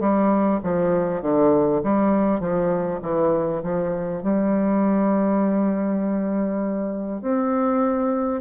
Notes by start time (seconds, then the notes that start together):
0.00 G3
0.63 F3
1.22 D3
1.84 G3
2.40 F3
3.03 E3
3.63 F3
4.23 G3
7.22 C4